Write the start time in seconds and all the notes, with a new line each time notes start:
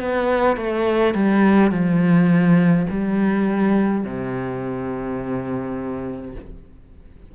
0.00 B3
0.57 A3
1.15 G3
1.72 F3
2.90 G3
4.05 C3